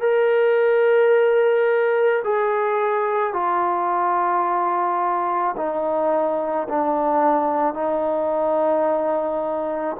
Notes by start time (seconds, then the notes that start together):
0.00 A#4
2.24 G#4
3.33 F4
5.56 D#4
6.68 D4
7.74 D#4